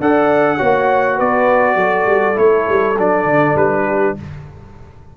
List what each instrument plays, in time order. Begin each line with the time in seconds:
0.00 tuba D4, trombone A4, horn D5, trumpet F#5
0.57 tuba A#3, trombone F#4, horn C#5
1.15 tuba B3, horn B4, trumpet D5
1.75 tuba F#3, horn A4
2.05 tuba G3
2.34 tuba A3, trombone E4, trumpet C#5
2.69 tuba G3
2.98 tuba F#3, trombone D4, trumpet D5
3.25 tuba D3
3.55 tuba G3, trumpet B4
3.85 horn G4